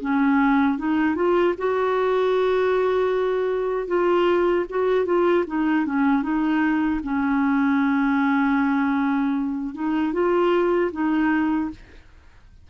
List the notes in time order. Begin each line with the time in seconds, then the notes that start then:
0.00 C#4
0.78 D#4
1.15 F4
1.57 F#4
3.87 F4
4.69 F#4
5.05 F4
5.47 D#4
5.85 C#4
6.22 D#4
7.03 C#4
9.74 D#4
10.13 F4
10.92 D#4